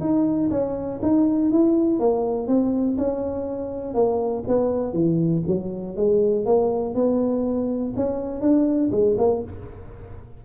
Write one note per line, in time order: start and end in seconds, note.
0.00 0.50 D#4
0.50 1.00 C#4
1.02 1.51 D#4
1.51 1.99 E4
1.99 2.47 A#3
2.47 2.97 C4
2.98 3.94 C#4
3.94 4.44 A#3
4.47 4.93 B3
4.93 5.43 E3
5.47 5.96 F#3
5.96 6.45 G#3
6.45 6.94 A#3
6.94 7.94 B3
7.96 8.41 C#4
8.41 8.90 D4
8.91 9.16 G#3
9.18 9.42 A#3